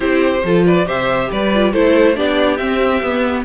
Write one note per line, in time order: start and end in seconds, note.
0.00 0.43 C4
0.00 0.41 E4
0.00 0.43 G4
0.00 0.64 C5
0.43 0.87 F3
0.43 0.86 F4
0.43 0.66 A4
0.66 0.86 B4
0.66 0.87 D5
0.86 1.30 C3
0.86 1.50 G4
0.86 1.29 C5
0.86 1.31 E5
1.30 1.74 G3
1.30 1.71 B4
1.30 1.73 D5
1.54 1.73 F4
1.71 2.17 A3
1.71 2.15 E4
1.71 2.15 A4
1.71 2.16 C5
2.15 2.59 B3
2.15 2.58 D4
2.15 3.44 G4
2.15 2.56 D5
2.56 3.02 C4
2.56 3.43 E5
3.02 3.44 B3